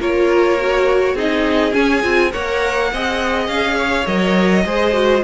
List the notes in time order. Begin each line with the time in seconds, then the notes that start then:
0.00 A#3 F4 A#4 C#5
0.59 F#4
1.14 C4 D#4 G#4 D#5
1.72 C#4 G#5
2.03 C4 F4
2.32 A#3 A#4 C#5 F#5
2.93 C4 G#4 D#5
3.48 C#4 F5
3.76 C#5
4.07 F#3 A#4 D#5
4.65 G#3 G#4 C5
4.93 F#4